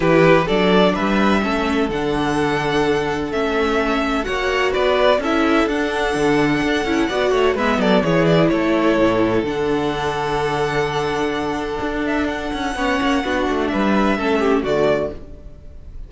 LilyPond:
<<
  \new Staff \with { instrumentName = "violin" } { \time 4/4 \tempo 4 = 127 b'4 d''4 e''2 | fis''2. e''4~ | e''4 fis''4 d''4 e''4 | fis''1 |
e''8 d''8 cis''8 d''8 cis''2 | fis''1~ | fis''4. e''8 fis''2~ | fis''4 e''2 d''4 | }
  \new Staff \with { instrumentName = "violin" } { \time 4/4 g'4 a'4 b'4 a'4~ | a'1~ | a'4 cis''4 b'4 a'4~ | a'2. d''8 cis''8 |
b'8 a'8 gis'4 a'2~ | a'1~ | a'2. cis''4 | fis'4 b'4 a'8 g'8 fis'4 | }
  \new Staff \with { instrumentName = "viola" } { \time 4/4 e'4 d'2 cis'4 | d'2. cis'4~ | cis'4 fis'2 e'4 | d'2~ d'8 e'8 fis'4 |
b4 e'2. | d'1~ | d'2. cis'4 | d'2 cis'4 a4 | }
  \new Staff \with { instrumentName = "cello" } { \time 4/4 e4 fis4 g4 a4 | d2. a4~ | a4 ais4 b4 cis'4 | d'4 d4 d'8 cis'8 b8 a8 |
gis8 fis8 e4 a4 a,4 | d1~ | d4 d'4. cis'8 b8 ais8 | b8 a8 g4 a4 d4 | }
>>